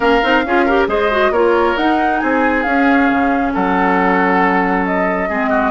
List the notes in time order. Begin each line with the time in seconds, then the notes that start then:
0.00 A#3 C#4 A#4 F5
0.22 C4 D#4
0.45 C#4 F4 G#4
0.65 G4 A#4
0.87 G#3 G#4 C5 D#5
1.10 F#4
1.31 A#3 F4 A#4 C#5
1.77 D#4 F#5
2.19 C4 G#4 G#5
2.63 C#4 F5
3.09 C#3
3.53 F#3 A4 F#5
4.86 D#5
5.29 G#3 C4 G#4
5.49 F#4